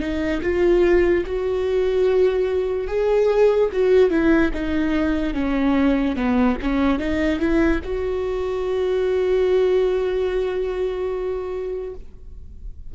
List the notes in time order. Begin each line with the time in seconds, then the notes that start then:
0.00 D#4
0.42 F4
1.26 F#4
2.88 G#4
3.72 F#4
4.10 E4
4.54 D#4
5.34 C#4
6.16 B3
6.62 C#4
6.99 D#4
7.39 E4
7.84 F#4